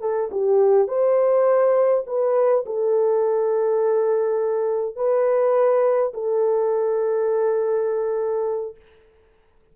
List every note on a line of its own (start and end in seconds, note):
0.00 0.29 A4
0.31 0.87 G4
0.87 2.04 C5
2.06 2.64 B4
2.65 4.96 A4
4.96 6.12 B4
6.14 8.76 A4